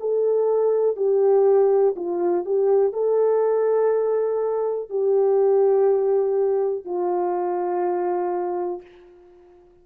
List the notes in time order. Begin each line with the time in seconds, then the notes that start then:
0.00 A4
0.97 G4
1.96 F4
2.45 G4
2.93 A4
4.90 G4
6.85 F4